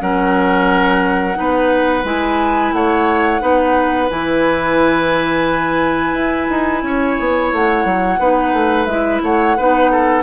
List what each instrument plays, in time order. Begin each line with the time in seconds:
0.00 bassoon F#3, clarinet C#4, oboe A#4, flute F#5
1.34 bassoon B3, clarinet D#4, oboe B4
2.04 bassoon G#3, clarinet E4, flute G#5
2.72 bassoon A3, oboe C#5, flute F#5
3.40 bassoon B3, clarinet D#4, oboe B4
4.09 bassoon E3, clarinet E4, flute G#5
6.12 bassoon E4
6.49 bassoon D#4
6.82 bassoon C#4, oboe C#5
7.19 bassoon B3
7.52 bassoon A3, flute F#5
7.84 bassoon F#3
8.18 bassoon B3, clarinet D#4, oboe B4
8.53 bassoon A3
8.85 bassoon G#3, clarinet E4, flute E5
9.22 bassoon A3, oboe C#5, flute F#5
9.56 bassoon B3, clarinet D#4, oboe B4
9.91 oboe A4